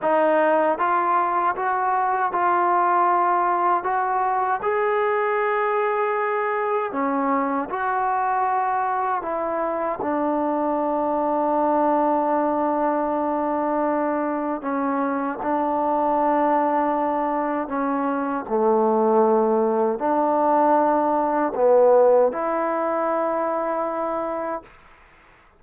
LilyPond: \new Staff \with { instrumentName = "trombone" } { \time 4/4 \tempo 4 = 78 dis'4 f'4 fis'4 f'4~ | f'4 fis'4 gis'2~ | gis'4 cis'4 fis'2 | e'4 d'2.~ |
d'2. cis'4 | d'2. cis'4 | a2 d'2 | b4 e'2. | }